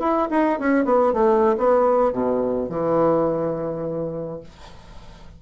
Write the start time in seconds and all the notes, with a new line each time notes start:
0.00 E4
0.31 D#4
0.60 C#4
0.85 B3
1.14 A3
1.58 B3
2.13 B2
2.69 E3